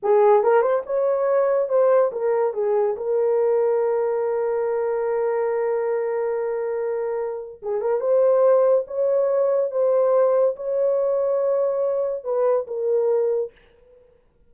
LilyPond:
\new Staff \with { instrumentName = "horn" } { \time 4/4 \tempo 4 = 142 gis'4 ais'8 c''8 cis''2 | c''4 ais'4 gis'4 ais'4~ | ais'1~ | ais'1~ |
ais'2 gis'8 ais'8 c''4~ | c''4 cis''2 c''4~ | c''4 cis''2.~ | cis''4 b'4 ais'2 | }